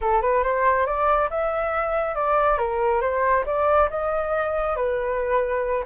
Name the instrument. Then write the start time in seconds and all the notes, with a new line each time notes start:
flute
0.01 A4
0.21 B4
0.43 C5
0.86 D5
1.29 E5
2.15 D5
2.58 A#4
3.01 C5
3.46 D5
3.90 D#5
4.76 B4